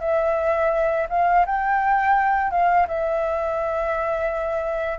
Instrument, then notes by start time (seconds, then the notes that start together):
flute
0.00 E5
1.09 F5
1.46 G5
2.51 F5
2.88 E5